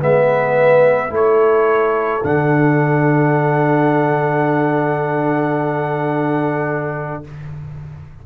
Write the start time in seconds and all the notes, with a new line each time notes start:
0.00 G#3 B3 B4 E5
1.10 A3 E4 A4 C#5
2.25 D3 D4 F#5